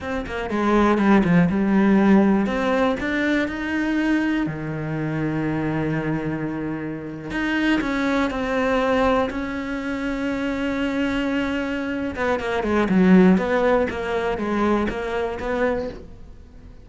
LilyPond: \new Staff \with { instrumentName = "cello" } { \time 4/4 \tempo 4 = 121 c'8 ais8 gis4 g8 f8 g4~ | g4 c'4 d'4 dis'4~ | dis'4 dis2.~ | dis2~ dis8. dis'4 cis'16~ |
cis'8. c'2 cis'4~ cis'16~ | cis'1~ | cis'8 b8 ais8 gis8 fis4 b4 | ais4 gis4 ais4 b4 | }